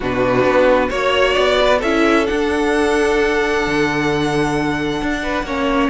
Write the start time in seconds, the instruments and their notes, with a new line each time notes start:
0.00 cello B2, viola D4, violin F#4 B4
0.44 cello B3
0.89 cello A#3, viola F#4, violin C#5
1.33 cello B3, violin D5
1.61 violin B4
1.78 cello C#4, viola E4, violin A4 E5
2.26 viola D4, cello D4, violin F#5
3.66 cello D3
5.01 cello D4
5.23 violin B4
5.43 cello A#3, viola C#4, violin C#5